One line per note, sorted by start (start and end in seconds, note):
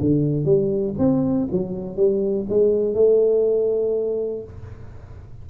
0.00 0.45 D3
0.45 0.94 G3
0.98 1.48 C4
1.51 1.96 F#3
1.96 2.46 G3
2.49 2.94 G#3
2.94 4.43 A3